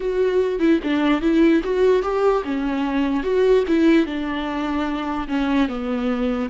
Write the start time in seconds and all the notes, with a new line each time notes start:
0.00 F#4
0.59 E4
0.83 D4
1.21 E4
1.63 F#4
2.02 G4
2.44 C#4
3.23 F#4
3.67 E4
4.05 D4
5.28 C#4
5.68 B3